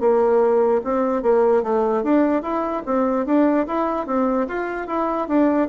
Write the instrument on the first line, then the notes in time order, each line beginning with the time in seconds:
bassoon
0.00 A#3
0.84 C4
1.22 A#3
1.63 A3
2.03 D4
2.43 E4
2.86 C4
3.26 D4
3.67 E4
4.07 C4
4.48 F4
4.88 E4
5.28 D4